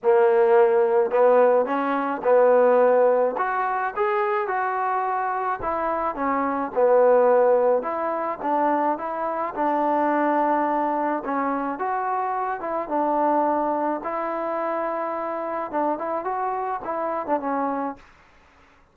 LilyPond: \new Staff \with { instrumentName = "trombone" } { \time 4/4 \tempo 4 = 107 ais2 b4 cis'4 | b2 fis'4 gis'4 | fis'2 e'4 cis'4 | b2 e'4 d'4 |
e'4 d'2. | cis'4 fis'4. e'8 d'4~ | d'4 e'2. | d'8 e'8 fis'4 e'8. d'16 cis'4 | }